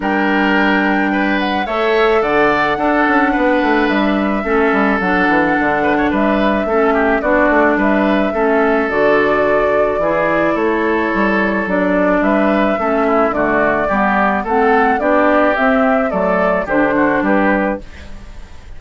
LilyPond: <<
  \new Staff \with { instrumentName = "flute" } { \time 4/4 \tempo 4 = 108 g''2~ g''8 fis''8 e''4 | fis''2. e''4~ | e''4 fis''2 e''4~ | e''4 d''4 e''2 |
d''2. cis''4~ | cis''4 d''4 e''2 | d''2 fis''4 d''4 | e''4 d''4 c''4 b'4 | }
  \new Staff \with { instrumentName = "oboe" } { \time 4/4 ais'2 b'4 cis''4 | d''4 a'4 b'2 | a'2~ a'8 b'16 cis''16 b'4 | a'8 g'8 fis'4 b'4 a'4~ |
a'2 gis'4 a'4~ | a'2 b'4 a'8 e'8 | fis'4 g'4 a'4 g'4~ | g'4 a'4 g'8 fis'8 g'4 | }
  \new Staff \with { instrumentName = "clarinet" } { \time 4/4 d'2. a'4~ | a'4 d'2. | cis'4 d'2. | cis'4 d'2 cis'4 |
fis'2 e'2~ | e'4 d'2 cis'4 | a4 b4 c'4 d'4 | c'4 a4 d'2 | }
  \new Staff \with { instrumentName = "bassoon" } { \time 4/4 g2. a4 | d4 d'8 cis'8 b8 a8 g4 | a8 g8 fis8 e8 d4 g4 | a4 b8 a8 g4 a4 |
d2 e4 a4 | g4 fis4 g4 a4 | d4 g4 a4 b4 | c'4 fis4 d4 g4 | }
>>